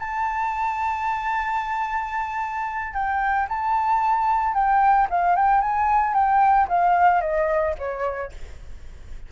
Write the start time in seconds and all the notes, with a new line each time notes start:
0.00 A5
2.94 G5
3.49 A5
4.54 G5
5.10 F5
5.36 G5
5.62 G#5
6.14 G5
6.69 F5
7.21 D#5
7.79 C#5